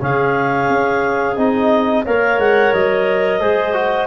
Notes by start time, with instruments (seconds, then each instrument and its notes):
0.00 tuba C#3, trombone C#4, clarinet G#4 F5
0.69 tuba C#4
1.36 tuba C4, trombone D#4, clarinet D#5
2.05 tuba A#3, trombone A#4, clarinet C#5 F5
2.38 tuba G#3, clarinet F#5
2.73 tuba F#3, clarinet D#5
3.39 tuba G#3, trombone G#4, clarinet C5
3.74 trombone F#4